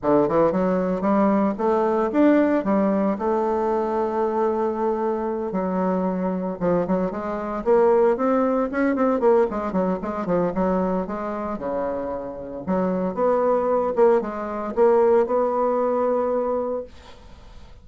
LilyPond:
\new Staff \with { instrumentName = "bassoon" } { \time 4/4 \tempo 4 = 114 d8 e8 fis4 g4 a4 | d'4 g4 a2~ | a2~ a8 fis4.~ | fis8 f8 fis8 gis4 ais4 c'8~ |
c'8 cis'8 c'8 ais8 gis8 fis8 gis8 f8 | fis4 gis4 cis2 | fis4 b4. ais8 gis4 | ais4 b2. | }